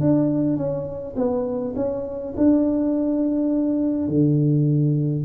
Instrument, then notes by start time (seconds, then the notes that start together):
tuba
0.00 D4
0.56 C#4
1.16 B3
1.76 C#4
2.36 D4
4.08 D3